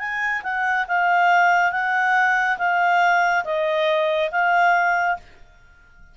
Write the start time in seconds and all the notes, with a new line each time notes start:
0.00 G#5
0.44 F#5
0.88 F5
1.72 F#5
2.59 F5
3.45 D#5
4.32 F5